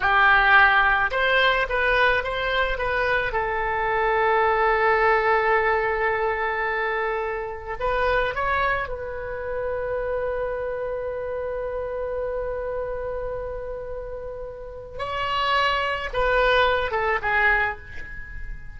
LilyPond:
\new Staff \with { instrumentName = "oboe" } { \time 4/4 \tempo 4 = 108 g'2 c''4 b'4 | c''4 b'4 a'2~ | a'1~ | a'2 b'4 cis''4 |
b'1~ | b'1~ | b'2. cis''4~ | cis''4 b'4. a'8 gis'4 | }